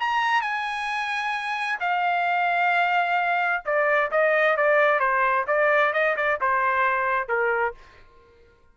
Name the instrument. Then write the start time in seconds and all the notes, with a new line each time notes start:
trumpet
0.00 A#5
0.42 G#5
1.80 F5
3.65 D5
4.12 D#5
4.57 D5
5.00 C5
5.48 D5
5.93 D#5
6.17 D5
6.41 C5
7.29 A#4